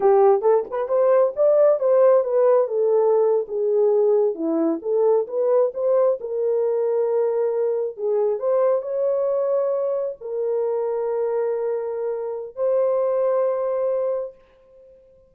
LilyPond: \new Staff \with { instrumentName = "horn" } { \time 4/4 \tempo 4 = 134 g'4 a'8 b'8 c''4 d''4 | c''4 b'4 a'4.~ a'16 gis'16~ | gis'4.~ gis'16 e'4 a'4 b'16~ | b'8. c''4 ais'2~ ais'16~ |
ais'4.~ ais'16 gis'4 c''4 cis''16~ | cis''2~ cis''8. ais'4~ ais'16~ | ais'1 | c''1 | }